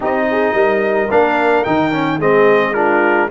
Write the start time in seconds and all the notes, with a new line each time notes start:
0.00 C4 D#4 G4 D#5
0.31 G#4
0.53 G3 A#4
1.10 A#3 D4 F5
1.64 D#3 D#4 G5
1.92 C#4
2.18 G#3 C4 G#4 D#5
2.73 D4 F4 A#4